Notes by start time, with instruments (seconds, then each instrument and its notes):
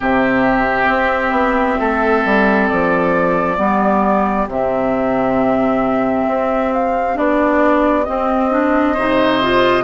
0.00 bassoon C3, clarinet C4, oboe G4, flute E5
0.88 bassoon C4
1.31 bassoon B3
1.79 bassoon A3, oboe A4
2.25 bassoon G3
2.68 bassoon F3, flute D5
3.56 bassoon G3, clarinet B3, oboe G4
4.47 bassoon C3, clarinet C4, flute E5
6.27 bassoon C4
6.72 flute F5
7.14 bassoon B3, clarinet D4, flute D5
8.04 clarinet C4, bassoon C4, flute D#5
8.50 clarinet D4
8.93 bassoon C3, clarinet D#4, oboe C5
9.41 clarinet F4